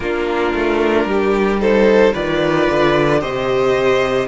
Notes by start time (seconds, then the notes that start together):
0.00 A#3 D4 F4 A#4
0.54 A3
1.04 G3 G4
1.59 D#4 A4 C5
2.12 D#3 F4 B4 D5
2.70 D3
3.20 C3 G4 C5 D#5